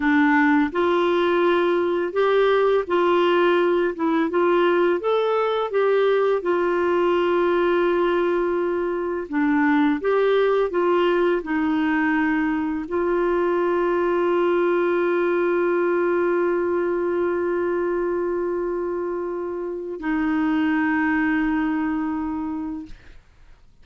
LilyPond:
\new Staff \with { instrumentName = "clarinet" } { \time 4/4 \tempo 4 = 84 d'4 f'2 g'4 | f'4. e'8 f'4 a'4 | g'4 f'2.~ | f'4 d'4 g'4 f'4 |
dis'2 f'2~ | f'1~ | f'1 | dis'1 | }